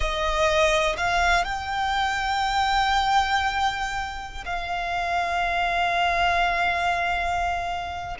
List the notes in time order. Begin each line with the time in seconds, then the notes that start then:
0.00 D#5
0.97 F5
1.44 G5
4.45 F5